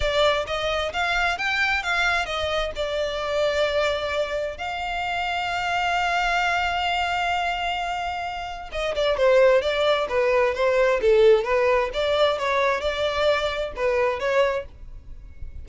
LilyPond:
\new Staff \with { instrumentName = "violin" } { \time 4/4 \tempo 4 = 131 d''4 dis''4 f''4 g''4 | f''4 dis''4 d''2~ | d''2 f''2~ | f''1~ |
f''2. dis''8 d''8 | c''4 d''4 b'4 c''4 | a'4 b'4 d''4 cis''4 | d''2 b'4 cis''4 | }